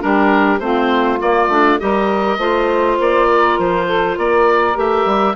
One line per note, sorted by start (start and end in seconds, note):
0.00 0.60 G3
0.00 0.59 D4
0.00 0.62 G4
0.00 0.60 A#4
0.60 1.19 A3
0.60 1.19 C4
0.60 1.81 F4
0.60 1.19 C5
1.19 1.49 A#3
1.19 1.80 D5
1.49 1.78 A3
1.49 1.80 D4
1.80 2.38 G3
1.80 2.39 G4
1.80 2.39 A#4
1.80 2.99 D#5
2.38 2.97 A3
2.38 4.75 F4
2.38 3.28 C5
3.00 3.59 A#3
3.00 3.60 D5
3.28 3.87 A#4
3.59 4.18 F3
3.59 4.19 C5
3.87 4.16 A4
4.16 4.77 A#3
4.16 5.35 A#4
4.16 4.78 D5
4.75 5.06 A3
4.75 5.35 G4
4.75 5.36 E5
5.06 5.35 G3